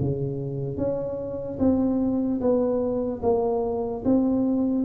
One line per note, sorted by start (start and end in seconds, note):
0.00 0.77 C#3
0.77 1.58 C#4
1.59 2.40 C4
2.41 3.22 B3
3.22 4.04 A#3
4.05 4.85 C4